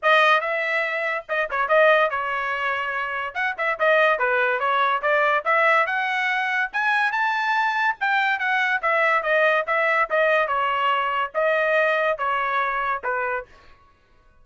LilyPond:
\new Staff \with { instrumentName = "trumpet" } { \time 4/4 \tempo 4 = 143 dis''4 e''2 dis''8 cis''8 | dis''4 cis''2. | fis''8 e''8 dis''4 b'4 cis''4 | d''4 e''4 fis''2 |
gis''4 a''2 g''4 | fis''4 e''4 dis''4 e''4 | dis''4 cis''2 dis''4~ | dis''4 cis''2 b'4 | }